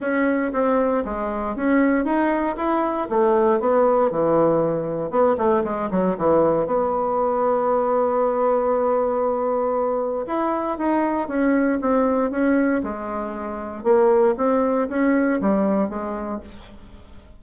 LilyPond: \new Staff \with { instrumentName = "bassoon" } { \time 4/4 \tempo 4 = 117 cis'4 c'4 gis4 cis'4 | dis'4 e'4 a4 b4 | e2 b8 a8 gis8 fis8 | e4 b2.~ |
b1 | e'4 dis'4 cis'4 c'4 | cis'4 gis2 ais4 | c'4 cis'4 g4 gis4 | }